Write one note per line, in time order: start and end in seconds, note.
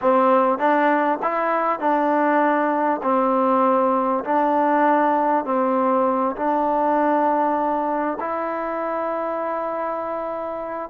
0.01 0.58 C4
0.58 1.18 D4
1.22 1.79 E4
1.79 3.01 D4
3.02 4.24 C4
4.24 5.44 D4
5.44 6.35 C4
6.36 8.17 D4
8.20 10.89 E4